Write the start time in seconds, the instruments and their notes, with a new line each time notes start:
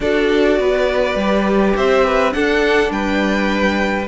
0.00 cello D4, viola F#4, violin A4 D5
0.58 cello B3, violin B4
1.15 cello G3, viola G4
1.76 cello C4, violin C5 E5
2.04 violin B4
2.31 viola D4, cello D4, violin A4 F#5
2.91 cello G3, violin B4 G5